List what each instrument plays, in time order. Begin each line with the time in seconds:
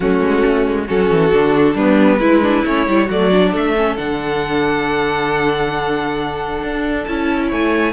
0.00 cello F#3, viola A3, violin C#4 F#4
0.20 cello G#3
0.45 cello A3
0.67 cello G#3
0.87 cello F#3, viola C#4, violin F#4 A4
1.10 cello E3
1.32 cello D3, viola D4
1.74 cello G3, viola B3, violin D4 B4
2.18 cello G#3, violin E4, viola E4
2.42 viola D4
2.65 cello A3, viola C#4, violin C#5
2.86 cello G3, viola E4
3.06 cello F#3, viola A3, violin F#4 D5
3.31 viola D4
3.51 cello A3, violin A4 E5
3.76 viola C#4
3.97 cello D3, viola D4, violin F#5
6.63 cello D4
7.03 cello C#4, viola E4, violin A5
7.48 cello A3, violin C#5 G#5